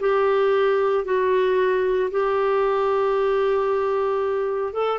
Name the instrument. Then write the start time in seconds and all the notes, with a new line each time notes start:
clarinet
0.00 G4
1.05 F#4
2.11 G4
4.73 A4